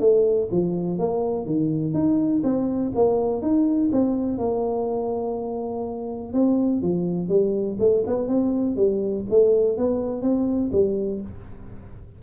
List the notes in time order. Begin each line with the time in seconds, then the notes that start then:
0.00 A3
0.51 F3
0.98 A#3
1.46 D#3
1.94 D#4
2.43 C4
2.95 A#3
3.42 D#4
3.92 C4
4.38 A#3
6.33 C4
6.82 F3
7.29 G3
7.80 A3
8.07 B3
8.28 C4
8.76 G3
9.30 A3
9.77 B3
10.22 C4
10.72 G3